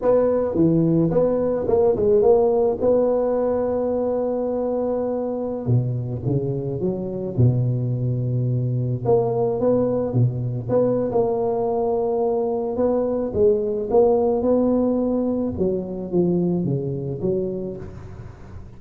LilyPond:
\new Staff \with { instrumentName = "tuba" } { \time 4/4 \tempo 4 = 108 b4 e4 b4 ais8 gis8 | ais4 b2.~ | b2~ b16 b,4 cis8.~ | cis16 fis4 b,2~ b,8.~ |
b,16 ais4 b4 b,4 b8. | ais2. b4 | gis4 ais4 b2 | fis4 f4 cis4 fis4 | }